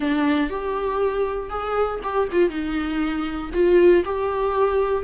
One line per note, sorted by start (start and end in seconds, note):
0.00 0.50 D4
0.50 1.49 G4
1.49 2.00 G#4
2.03 2.28 G4
2.32 2.49 F4
2.49 3.50 D#4
3.53 4.03 F4
4.05 5.03 G4